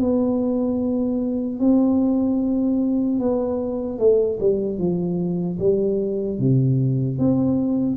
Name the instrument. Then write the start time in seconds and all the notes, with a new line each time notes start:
tuba
0.00 B3
1.60 C4
3.20 B3
3.99 A3
4.40 G3
4.79 F3
5.59 G3
6.39 C3
7.19 C4